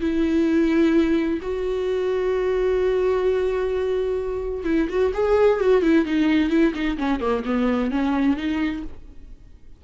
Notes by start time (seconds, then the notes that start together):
0.00 E4
1.41 F#4
4.64 E4
4.89 F#4
5.14 G#4
5.60 F#4
5.82 E4
6.05 D#4
6.50 E4
6.74 D#4
6.97 C#4
7.20 A#3
7.45 B3
7.91 C#4
8.36 D#4